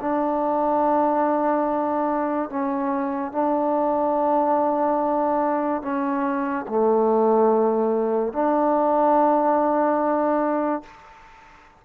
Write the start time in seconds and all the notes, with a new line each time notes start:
0.00 D4
2.50 C#4
3.32 D4
5.82 C#4
6.69 A3
8.33 D4